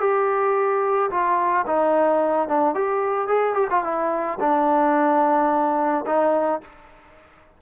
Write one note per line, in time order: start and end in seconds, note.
0.00 1.10 G4
1.10 1.65 F4
1.66 2.48 D#4
2.48 2.74 D4
2.74 3.28 G4
3.28 3.54 G#4
3.54 3.68 G4
3.70 3.84 F4
3.84 4.39 E4
4.40 6.05 D4
6.06 6.61 D#4